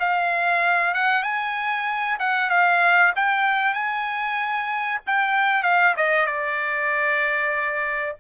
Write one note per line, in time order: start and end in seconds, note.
0.00 0.94 F5
0.94 1.23 F#5
1.23 2.18 G#5
2.20 2.50 F#5
2.50 3.13 F5
3.16 3.74 G5
3.74 5.00 G#5
5.07 5.63 G5
5.63 5.95 F5
5.97 6.26 D#5
6.26 8.16 D5